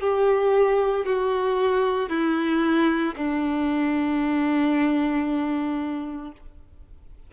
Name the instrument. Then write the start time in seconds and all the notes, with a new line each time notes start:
violin
0.00 G4
1.05 F#4
2.09 E4
3.16 D4